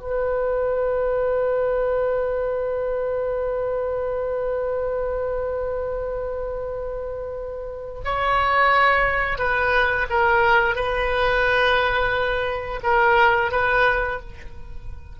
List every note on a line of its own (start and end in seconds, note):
0.00 8.01 B4
8.05 9.38 C#5
9.38 10.06 B4
10.10 10.75 A#4
10.75 12.80 B4
12.83 13.51 A#4
13.52 14.20 B4